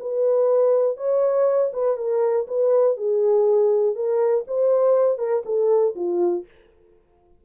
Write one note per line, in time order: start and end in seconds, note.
0.00 0.97 B4
0.97 1.72 C#5
1.73 1.97 B4
1.97 2.47 A#4
2.48 2.97 B4
2.97 3.95 G#4
3.95 4.45 A#4
4.48 5.18 C5
5.18 5.43 A#4
5.46 5.95 A4
5.95 6.45 F4